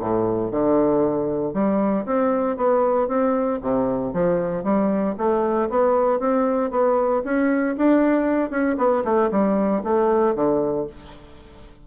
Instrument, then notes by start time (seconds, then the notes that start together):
bassoon
0.00 A2
0.51 D3
1.54 G3
2.06 C4
2.57 B3
3.08 C4
3.62 C3
4.14 F3
4.64 G3
5.18 A3
5.70 B3
6.20 C4
6.71 B3
7.25 C#4
7.78 D4
8.51 C#4
8.78 B3
9.05 A3
9.32 G3
9.84 A3
10.35 D3